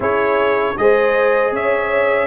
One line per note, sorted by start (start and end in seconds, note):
0.00 0.73 C#4
0.00 0.75 E4
0.00 0.76 G#4
0.00 0.77 C#5
0.77 1.51 G#3
0.77 2.26 G#4
0.77 1.54 C5
0.77 1.53 D#5
1.51 2.26 C#4
1.51 2.26 C#5
1.51 2.26 E5